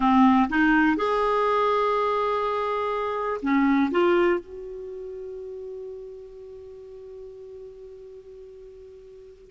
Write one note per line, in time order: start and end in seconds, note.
0.00 0.48 C4
0.49 0.96 D#4
0.96 3.40 G#4
3.42 3.91 C#4
3.91 4.39 F4
4.39 9.50 F#4